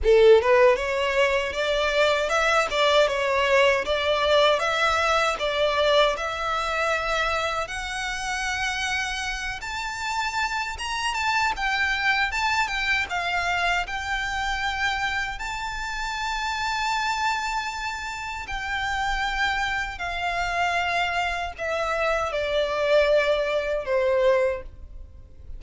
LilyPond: \new Staff \with { instrumentName = "violin" } { \time 4/4 \tempo 4 = 78 a'8 b'8 cis''4 d''4 e''8 d''8 | cis''4 d''4 e''4 d''4 | e''2 fis''2~ | fis''8 a''4. ais''8 a''8 g''4 |
a''8 g''8 f''4 g''2 | a''1 | g''2 f''2 | e''4 d''2 c''4 | }